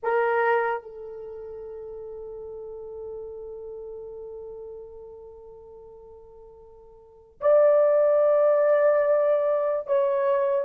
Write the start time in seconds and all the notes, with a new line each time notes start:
0.02 A#4
0.82 A4
7.40 D5
9.86 C#5